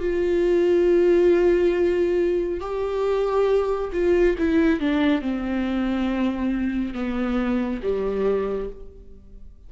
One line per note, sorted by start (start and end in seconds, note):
0.00 2.60 F4
2.60 3.91 G4
3.93 4.36 F4
4.38 4.80 E4
4.80 5.22 D4
5.22 6.94 C4
6.94 7.81 B3
7.83 8.70 G3